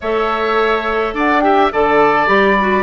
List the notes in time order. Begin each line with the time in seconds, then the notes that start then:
0.00 A3 A4 C#5 E5
1.13 D4 D5 F#5
1.40 G4 E5 G5
1.72 D3 A4 D5 A5
2.27 G3 G4 B5
2.60 F#4